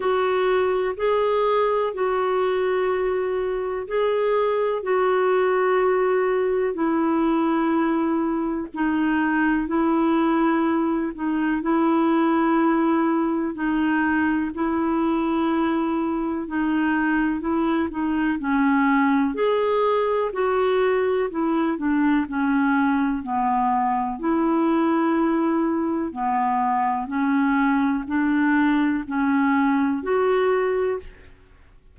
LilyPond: \new Staff \with { instrumentName = "clarinet" } { \time 4/4 \tempo 4 = 62 fis'4 gis'4 fis'2 | gis'4 fis'2 e'4~ | e'4 dis'4 e'4. dis'8 | e'2 dis'4 e'4~ |
e'4 dis'4 e'8 dis'8 cis'4 | gis'4 fis'4 e'8 d'8 cis'4 | b4 e'2 b4 | cis'4 d'4 cis'4 fis'4 | }